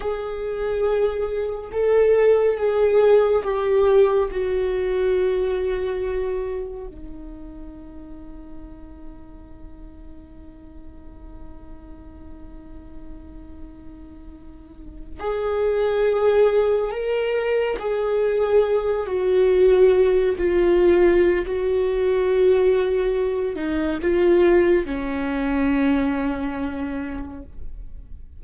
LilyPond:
\new Staff \with { instrumentName = "viola" } { \time 4/4 \tempo 4 = 70 gis'2 a'4 gis'4 | g'4 fis'2. | dis'1~ | dis'1~ |
dis'4.~ dis'16 gis'2 ais'16~ | ais'8. gis'4. fis'4. f'16~ | f'4 fis'2~ fis'8 dis'8 | f'4 cis'2. | }